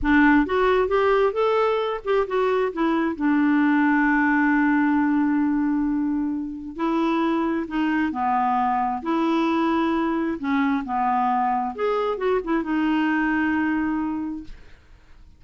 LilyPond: \new Staff \with { instrumentName = "clarinet" } { \time 4/4 \tempo 4 = 133 d'4 fis'4 g'4 a'4~ | a'8 g'8 fis'4 e'4 d'4~ | d'1~ | d'2. e'4~ |
e'4 dis'4 b2 | e'2. cis'4 | b2 gis'4 fis'8 e'8 | dis'1 | }